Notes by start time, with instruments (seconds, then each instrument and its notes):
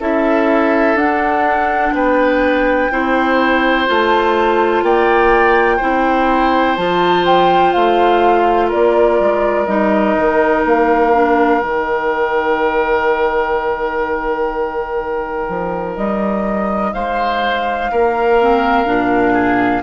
0.00 bassoon C#4, clarinet E4, oboe A4, flute E5
0.95 bassoon D4, clarinet D4, flute F#5
1.92 bassoon B3, oboe B4, flute G5
2.92 bassoon C4, clarinet E4, oboe C5
3.87 bassoon A3, clarinet F4, flute A5
4.83 bassoon A#3, oboe D5, flute G5
5.77 bassoon C4, clarinet E4, oboe C5
6.76 bassoon F3, clarinet F4, flute A5
7.25 flute G5
7.73 bassoon A3, flute F5
8.68 bassoon A#3, oboe A#4, flute D5
9.20 bassoon G#3
9.66 bassoon G3, clarinet D#4, flute D#5
10.18 bassoon D#3
10.65 bassoon A#3, flute F5
11.14 clarinet D4
11.61 bassoon D#3, clarinet D#4, flute G5
15.49 bassoon F3
15.97 bassoon G3, flute D#5
16.93 bassoon G#3, oboe C5, flute F5
17.92 bassoon A#3, oboe A#4
18.41 clarinet C4
18.86 bassoon A#2, clarinet D4
19.33 oboe G#4